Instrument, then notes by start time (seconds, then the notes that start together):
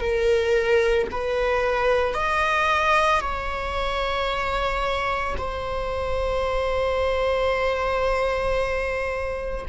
viola
0.00 A#4
1.11 B4
2.14 D#5
3.20 C#5
5.37 C5